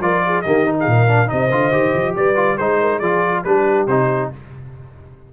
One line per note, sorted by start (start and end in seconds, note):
0.00 0.43 F3
0.00 0.44 F4
0.00 0.24 A#4
0.00 0.41 D5
0.25 0.43 G#4
0.41 0.86 D#3
0.41 0.65 A#3
0.41 0.76 G4
0.41 0.73 D#5
0.65 1.08 D#4
0.79 0.88 G#4
0.79 1.29 F5
0.86 1.29 A#2
0.86 1.30 A#4
1.08 1.27 D4
1.27 1.51 C3
1.27 1.48 D#4
1.27 2.16 C5
1.27 2.15 D#5
1.51 1.72 D3
1.51 1.71 F4
1.71 1.93 D#3
1.71 2.35 G4
1.94 2.16 F3
2.16 2.59 G3
2.16 2.58 B4
2.16 2.57 D5
2.35 2.56 F4
2.57 3.00 G#3
2.57 3.02 D#4
2.57 2.99 C5
2.57 2.79 C5
2.80 2.98 A#4
2.98 3.43 F3
2.98 3.45 F4
2.98 3.41 G#4
2.98 3.42 D5
3.44 3.86 G3
3.44 3.88 D4
3.44 4.33 G4
3.44 3.86 B4
3.86 4.29 C3
3.86 4.33 D#4
3.86 4.30 C5